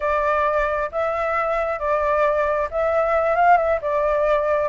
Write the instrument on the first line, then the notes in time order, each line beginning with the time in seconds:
flute
0.00 D5
0.91 E5
1.79 D5
2.70 E5
3.35 F5
3.57 E5
3.81 D5